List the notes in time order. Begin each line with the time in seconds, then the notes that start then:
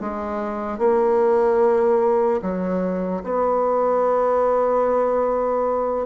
0.00 G#3
0.78 A#3
2.42 F#3
3.23 B3